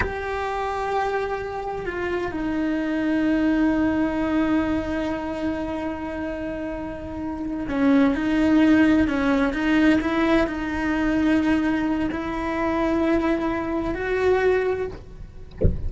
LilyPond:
\new Staff \with { instrumentName = "cello" } { \time 4/4 \tempo 4 = 129 g'1 | f'4 dis'2.~ | dis'1~ | dis'1~ |
dis'8 cis'4 dis'2 cis'8~ | cis'8 dis'4 e'4 dis'4.~ | dis'2 e'2~ | e'2 fis'2 | }